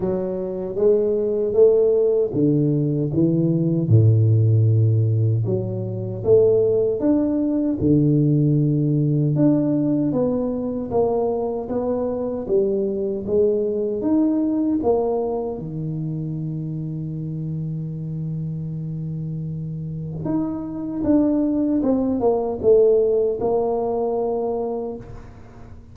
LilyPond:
\new Staff \with { instrumentName = "tuba" } { \time 4/4 \tempo 4 = 77 fis4 gis4 a4 d4 | e4 a,2 fis4 | a4 d'4 d2 | d'4 b4 ais4 b4 |
g4 gis4 dis'4 ais4 | dis1~ | dis2 dis'4 d'4 | c'8 ais8 a4 ais2 | }